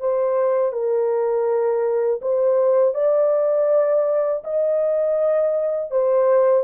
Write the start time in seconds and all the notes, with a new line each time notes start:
0.00 C5
0.73 A#4
2.22 C5
2.95 D5
4.44 D#5
5.91 C5